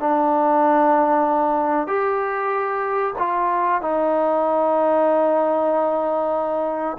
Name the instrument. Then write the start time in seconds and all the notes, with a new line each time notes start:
trombone
0.00 D4
1.88 G4
3.19 F4
3.82 D#4